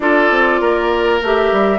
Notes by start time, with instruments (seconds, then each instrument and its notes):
0.00 bassoon D4, clarinet F4, oboe A4, flute D5
0.30 bassoon C4
0.60 bassoon A#3, oboe A#4
1.22 bassoon A3, clarinet G4, flute E5
1.52 bassoon G3